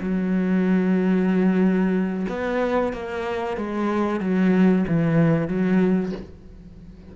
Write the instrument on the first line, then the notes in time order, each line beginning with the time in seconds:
cello
0.00 F#3
2.28 B3
2.92 A#3
3.57 G#3
4.20 F#3
4.87 E3
5.48 F#3